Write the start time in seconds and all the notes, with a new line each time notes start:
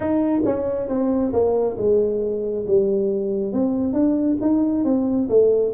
0.00 D#4
0.45 C#4
0.88 C4
1.32 A#3
1.77 G#3
2.67 G3
3.53 C4
3.93 D4
4.41 D#4
4.84 C4
5.29 A3